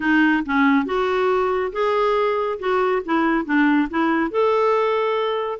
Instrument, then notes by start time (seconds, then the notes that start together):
clarinet
0.00 D#4
0.45 C#4
0.85 F#4
1.72 G#4
2.59 F#4
3.05 E4
3.45 D4
3.90 E4
4.30 A4